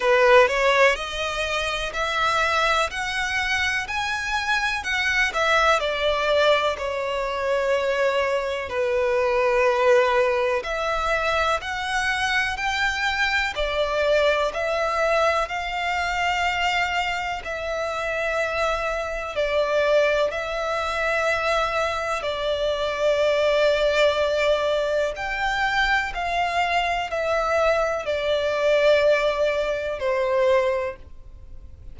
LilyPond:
\new Staff \with { instrumentName = "violin" } { \time 4/4 \tempo 4 = 62 b'8 cis''8 dis''4 e''4 fis''4 | gis''4 fis''8 e''8 d''4 cis''4~ | cis''4 b'2 e''4 | fis''4 g''4 d''4 e''4 |
f''2 e''2 | d''4 e''2 d''4~ | d''2 g''4 f''4 | e''4 d''2 c''4 | }